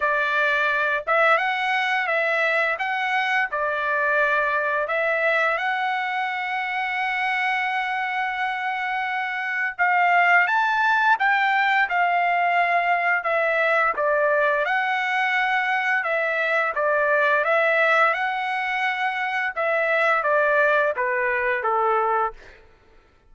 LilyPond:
\new Staff \with { instrumentName = "trumpet" } { \time 4/4 \tempo 4 = 86 d''4. e''8 fis''4 e''4 | fis''4 d''2 e''4 | fis''1~ | fis''2 f''4 a''4 |
g''4 f''2 e''4 | d''4 fis''2 e''4 | d''4 e''4 fis''2 | e''4 d''4 b'4 a'4 | }